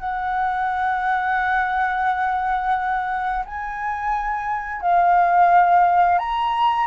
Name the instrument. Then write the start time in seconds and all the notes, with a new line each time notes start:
flute
0.00 F#5
3.45 G#5
4.82 F5
6.18 A#5